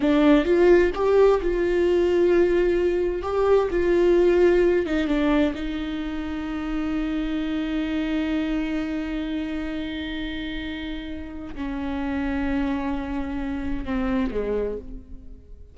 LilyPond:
\new Staff \with { instrumentName = "viola" } { \time 4/4 \tempo 4 = 130 d'4 f'4 g'4 f'4~ | f'2. g'4 | f'2~ f'8 dis'8 d'4 | dis'1~ |
dis'1~ | dis'1~ | dis'4 cis'2.~ | cis'2 c'4 gis4 | }